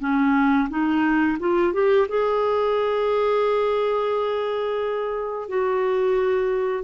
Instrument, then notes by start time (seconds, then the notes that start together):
clarinet
0.00 C#4
0.69 D#4
1.39 F4
1.73 G4
2.08 G#4
5.48 F#4